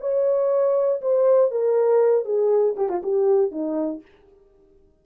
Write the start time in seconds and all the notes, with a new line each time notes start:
0.00 C#5
1.01 C5
1.51 A#4
2.25 G#4
2.76 G4
2.89 F4
3.03 G4
3.51 D#4